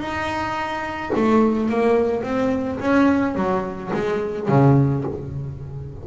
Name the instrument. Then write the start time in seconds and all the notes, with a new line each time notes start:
double bass
0.00 D#4
1.15 A3
1.69 A#3
2.24 C4
2.80 C#4
3.36 F#3
3.94 G#3
4.49 C#3